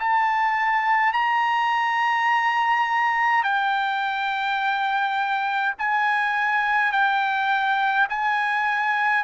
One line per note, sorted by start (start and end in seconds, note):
0.00 1.13 A5
1.13 3.44 A#5
3.44 5.74 G5
5.79 6.92 G#5
6.92 8.08 G5
8.10 9.24 G#5